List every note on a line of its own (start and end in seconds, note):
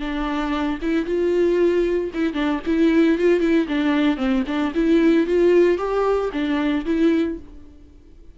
0.00 0.79 D4
0.82 1.06 E4
1.06 2.11 F4
2.14 2.34 E4
2.34 2.60 D4
2.67 3.18 E4
3.18 3.41 F4
3.41 3.67 E4
3.68 4.17 D4
4.17 4.44 C4
4.47 4.73 D4
4.75 5.27 E4
5.27 5.78 F4
5.78 6.31 G4
6.33 6.85 D4
6.86 7.39 E4